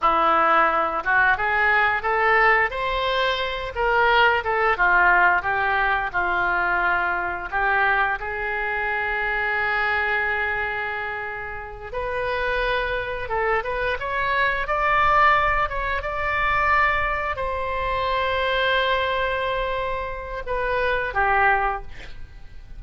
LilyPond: \new Staff \with { instrumentName = "oboe" } { \time 4/4 \tempo 4 = 88 e'4. fis'8 gis'4 a'4 | c''4. ais'4 a'8 f'4 | g'4 f'2 g'4 | gis'1~ |
gis'4. b'2 a'8 | b'8 cis''4 d''4. cis''8 d''8~ | d''4. c''2~ c''8~ | c''2 b'4 g'4 | }